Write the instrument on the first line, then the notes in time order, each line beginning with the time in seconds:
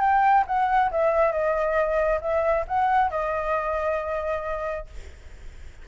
flute
0.00 G5
0.47 F#5
0.91 E5
1.32 D#5
2.21 E5
2.68 F#5
3.10 D#5